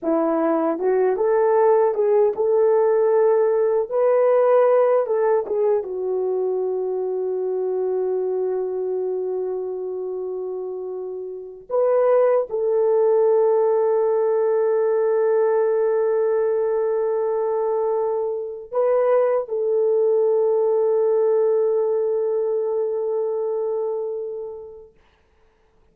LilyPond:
\new Staff \with { instrumentName = "horn" } { \time 4/4 \tempo 4 = 77 e'4 fis'8 a'4 gis'8 a'4~ | a'4 b'4. a'8 gis'8 fis'8~ | fis'1~ | fis'2. b'4 |
a'1~ | a'1 | b'4 a'2.~ | a'1 | }